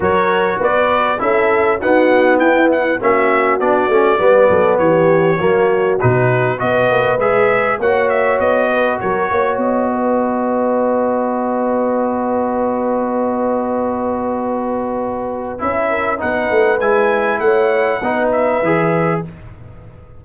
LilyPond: <<
  \new Staff \with { instrumentName = "trumpet" } { \time 4/4 \tempo 4 = 100 cis''4 d''4 e''4 fis''4 | g''8 fis''8 e''4 d''2 | cis''2 b'4 dis''4 | e''4 fis''8 e''8 dis''4 cis''4 |
dis''1~ | dis''1~ | dis''2 e''4 fis''4 | gis''4 fis''4. e''4. | }
  \new Staff \with { instrumentName = "horn" } { \time 4/4 ais'4 b'4 a'4 fis'4 | e'4 fis'2 b'8 a'8 | g'4 fis'2 b'4~ | b'4 cis''4. b'8 ais'8 cis''8~ |
cis''8 b'2.~ b'8~ | b'1~ | b'2~ b'8 ais'8 b'4~ | b'4 cis''4 b'2 | }
  \new Staff \with { instrumentName = "trombone" } { \time 4/4 fis'2 e'4 b4~ | b4 cis'4 d'8 cis'8 b4~ | b4 ais4 dis'4 fis'4 | gis'4 fis'2.~ |
fis'1~ | fis'1~ | fis'2 e'4 dis'4 | e'2 dis'4 gis'4 | }
  \new Staff \with { instrumentName = "tuba" } { \time 4/4 fis4 b4 cis'4 dis'4 | e'4 ais4 b8 a8 g8 fis8 | e4 fis4 b,4 b8 ais8 | gis4 ais4 b4 fis8 ais8 |
b1~ | b1~ | b2 cis'4 b8 a8 | gis4 a4 b4 e4 | }
>>